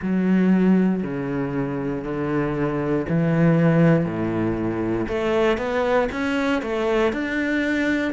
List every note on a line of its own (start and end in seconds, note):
0.02 1.03 F#3
1.03 2.04 C#3
2.04 3.06 D3
3.08 4.05 E3
4.05 5.07 A2
5.08 5.57 A3
5.57 6.08 B3
6.12 6.61 C#4
6.61 7.12 A3
7.12 8.13 D4